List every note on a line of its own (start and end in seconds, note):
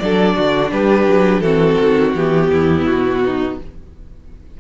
0.00 0.38 F#3
0.00 1.45 D4
0.00 0.36 A4
0.00 0.71 D5
0.36 0.72 D3
0.36 0.71 F#4
0.72 1.07 G3
0.72 1.44 G4
0.72 1.41 B4
1.07 1.41 F#3
1.41 1.77 E3
1.41 2.16 C4
1.41 2.51 F#4
1.41 2.12 A4
1.81 2.15 D#3
2.15 2.51 E3
2.15 3.61 B3
2.15 2.86 G4
2.52 2.86 E2
2.52 3.24 E4
2.86 3.58 B2
2.86 3.58 F#4
3.25 3.61 D#4